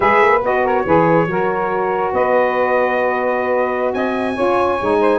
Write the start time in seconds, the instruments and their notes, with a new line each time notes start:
0.00 tuba G#3, saxophone G#4 B4, trumpet E5
0.21 tuba A#3
0.42 tuba B3, saxophone F#4, trumpet D#5
0.64 saxophone A#4, trumpet C#5
0.85 tuba E3, saxophone G#4 B4
1.26 tuba F#3, saxophone F#4 A#4
2.12 tuba B3, saxophone B4, trumpet D#5
3.93 tuba C4, saxophone D#5, trumpet G#5
4.34 tuba C#4, saxophone F4 C#5
4.81 tuba G#3, saxophone D#4
4.99 saxophone C5